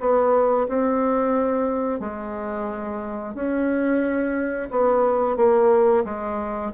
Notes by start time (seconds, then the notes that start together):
0.00 B3
0.68 C4
2.00 G#3
3.35 C#4
4.71 B3
5.37 A#3
6.05 G#3